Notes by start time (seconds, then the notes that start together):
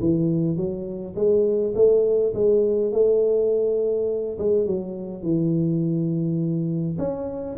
0.00 E3
0.56 F#3
1.15 G#3
1.75 A3
2.34 G#3
2.92 A3
4.38 G#3
4.66 F#3
5.22 E3
6.98 C#4